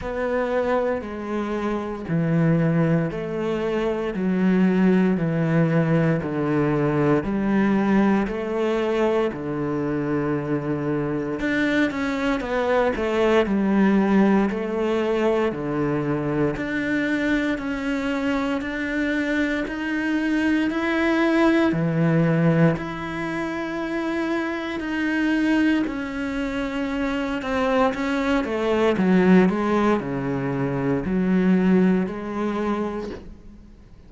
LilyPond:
\new Staff \with { instrumentName = "cello" } { \time 4/4 \tempo 4 = 58 b4 gis4 e4 a4 | fis4 e4 d4 g4 | a4 d2 d'8 cis'8 | b8 a8 g4 a4 d4 |
d'4 cis'4 d'4 dis'4 | e'4 e4 e'2 | dis'4 cis'4. c'8 cis'8 a8 | fis8 gis8 cis4 fis4 gis4 | }